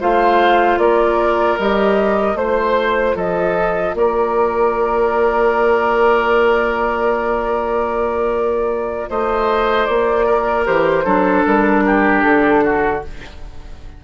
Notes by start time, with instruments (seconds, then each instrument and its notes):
0.00 bassoon A3, clarinet F4, oboe C5, flute F5
0.78 bassoon A#3, oboe A#4, flute D5
1.59 bassoon G3, clarinet G4, flute D#5
2.35 bassoon A3, clarinet F4, flute C5, oboe C5
3.15 bassoon F3, oboe A4, flute D#5
3.94 bassoon A#3, oboe A#4, flute D5
9.10 bassoon A3, oboe C5, flute D#5
9.86 bassoon A#3, flute D5
10.26 oboe A#4
10.64 bassoon E3, clarinet G4, flute C5
11.04 bassoon F#3, clarinet D4, oboe A4
11.46 bassoon G3, flute A#4
11.86 oboe G4
12.23 bassoon D3, flute A4
12.64 oboe F#4